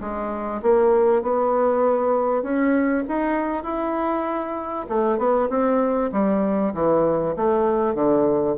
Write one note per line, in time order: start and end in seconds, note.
0.00 0.61 G#3
0.62 1.22 A#3
1.22 2.43 B3
2.43 3.04 C#4
3.08 3.63 D#4
3.63 4.86 E4
4.89 5.18 A3
5.18 5.49 B3
5.49 6.11 C4
6.12 6.73 G3
6.74 7.35 E3
7.36 7.95 A3
7.95 8.56 D3